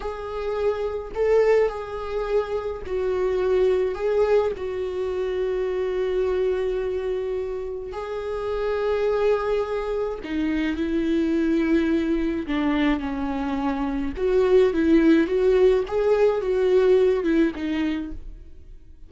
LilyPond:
\new Staff \with { instrumentName = "viola" } { \time 4/4 \tempo 4 = 106 gis'2 a'4 gis'4~ | gis'4 fis'2 gis'4 | fis'1~ | fis'2 gis'2~ |
gis'2 dis'4 e'4~ | e'2 d'4 cis'4~ | cis'4 fis'4 e'4 fis'4 | gis'4 fis'4. e'8 dis'4 | }